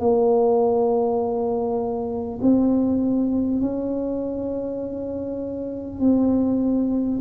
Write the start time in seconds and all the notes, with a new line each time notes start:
0.00 A#3
2.42 C4
3.61 C#4
6.00 C4